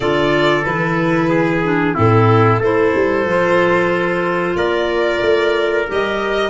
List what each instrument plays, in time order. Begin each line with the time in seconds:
0.00 tuba D3, clarinet F4, trumpet A4, violin D5
0.63 tuba E3, clarinet E4, violin B4
1.29 trumpet G#4
1.63 clarinet D4
1.94 tuba A2, clarinet C4, trumpet E4, violin A4
2.59 tuba A3, clarinet E4, trumpet A4, violin C5
2.95 tuba G3
3.24 tuba F3, clarinet F4
4.55 tuba A#3, trumpet A#4, violin D5
5.21 tuba A3
5.87 tuba G3, clarinet G4, violin D#5